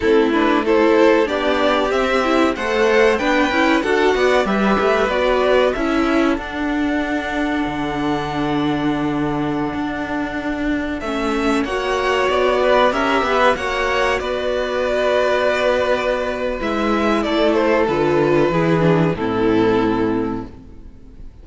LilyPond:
<<
  \new Staff \with { instrumentName = "violin" } { \time 4/4 \tempo 4 = 94 a'8 b'8 c''4 d''4 e''4 | fis''4 g''4 fis''4 e''4 | d''4 e''4 fis''2~ | fis''1~ |
fis''4~ fis''16 e''4 fis''4 d''8.~ | d''16 e''4 fis''4 d''4.~ d''16~ | d''2 e''4 d''8 c''8 | b'2 a'2 | }
  \new Staff \with { instrumentName = "violin" } { \time 4/4 e'4 a'4 g'2 | c''4 b'4 a'8 d''8 b'4~ | b'4 a'2.~ | a'1~ |
a'2~ a'16 cis''4. b'16~ | b'16 ais'8 b'8 cis''4 b'4.~ b'16~ | b'2. a'4~ | a'4 gis'4 e'2 | }
  \new Staff \with { instrumentName = "viola" } { \time 4/4 c'8 d'8 e'4 d'4 c'8 e'8 | a'4 d'8 e'8 fis'4 g'4 | fis'4 e'4 d'2~ | d'1~ |
d'4~ d'16 cis'4 fis'4.~ fis'16~ | fis'16 g'4 fis'2~ fis'8.~ | fis'2 e'2 | f'4 e'8 d'8 c'2 | }
  \new Staff \with { instrumentName = "cello" } { \time 4/4 a2 b4 c'4 | a4 b8 cis'8 d'8 b8 g8 a8 | b4 cis'4 d'2 | d2.~ d16 d'8.~ |
d'4~ d'16 a4 ais4 b8.~ | b16 cis'8 b8 ais4 b4.~ b16~ | b2 gis4 a4 | d4 e4 a,2 | }
>>